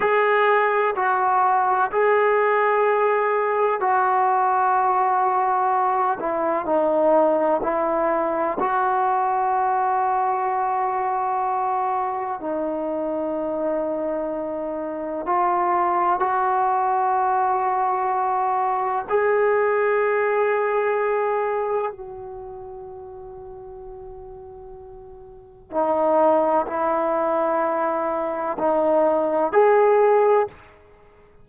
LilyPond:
\new Staff \with { instrumentName = "trombone" } { \time 4/4 \tempo 4 = 63 gis'4 fis'4 gis'2 | fis'2~ fis'8 e'8 dis'4 | e'4 fis'2.~ | fis'4 dis'2. |
f'4 fis'2. | gis'2. fis'4~ | fis'2. dis'4 | e'2 dis'4 gis'4 | }